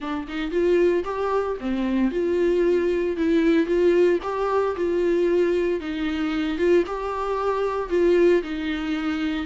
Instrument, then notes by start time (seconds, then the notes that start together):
viola
0.00 D4
0.28 D#4
0.51 F4
1.04 G4
1.60 C4
2.11 F4
3.17 E4
3.66 F4
4.22 G4
4.76 F4
5.80 D#4
6.57 F4
6.86 G4
7.89 F4
8.42 D#4